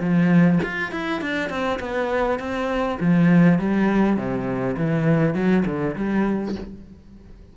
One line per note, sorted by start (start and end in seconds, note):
0.00 0.59 F3
0.63 0.92 F4
0.92 1.21 E4
1.21 1.50 D4
1.50 1.79 C4
1.80 2.39 B3
2.39 2.99 C4
3.00 3.59 F3
3.59 4.17 G3
4.17 4.76 C3
4.77 5.35 E3
5.35 5.64 F#3
5.66 5.95 D3
5.96 6.55 G3